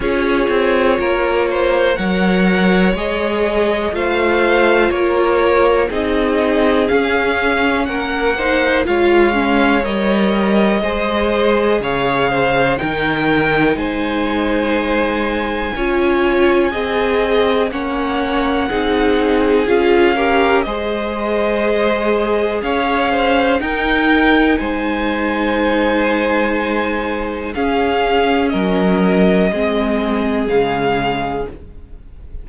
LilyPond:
<<
  \new Staff \with { instrumentName = "violin" } { \time 4/4 \tempo 4 = 61 cis''2 fis''4 dis''4 | f''4 cis''4 dis''4 f''4 | fis''4 f''4 dis''2 | f''4 g''4 gis''2~ |
gis''2 fis''2 | f''4 dis''2 f''4 | g''4 gis''2. | f''4 dis''2 f''4 | }
  \new Staff \with { instrumentName = "violin" } { \time 4/4 gis'4 ais'8 c''8 cis''2 | c''4 ais'4 gis'2 | ais'8 c''8 cis''2 c''4 | cis''8 c''8 ais'4 c''2 |
cis''4 dis''4 cis''4 gis'4~ | gis'8 ais'8 c''2 cis''8 c''8 | ais'4 c''2. | gis'4 ais'4 gis'2 | }
  \new Staff \with { instrumentName = "viola" } { \time 4/4 f'2 ais'4 gis'4 | f'2 dis'4 cis'4~ | cis'8 dis'8 f'8 cis'8 ais'4 gis'4~ | gis'4 dis'2. |
f'4 gis'4 cis'4 dis'4 | f'8 g'8 gis'2. | dis'1 | cis'2 c'4 gis4 | }
  \new Staff \with { instrumentName = "cello" } { \time 4/4 cis'8 c'8 ais4 fis4 gis4 | a4 ais4 c'4 cis'4 | ais4 gis4 g4 gis4 | cis4 dis4 gis2 |
cis'4 c'4 ais4 c'4 | cis'4 gis2 cis'4 | dis'4 gis2. | cis'4 fis4 gis4 cis4 | }
>>